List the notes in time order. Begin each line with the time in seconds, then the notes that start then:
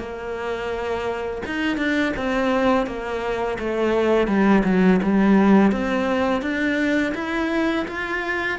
0.00 A#3
1.46 D#4
1.78 D4
2.17 C4
2.87 A#3
3.60 A3
4.28 G3
4.65 F#3
5.03 G3
5.72 C4
6.42 D4
7.15 E4
7.88 F4